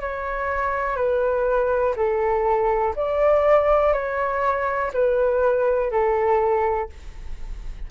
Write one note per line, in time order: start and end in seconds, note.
0.00 0.96 C#5
0.96 1.94 B4
1.96 2.94 A4
2.95 3.93 D5
3.93 4.91 C#5
4.93 5.91 B4
5.91 6.89 A4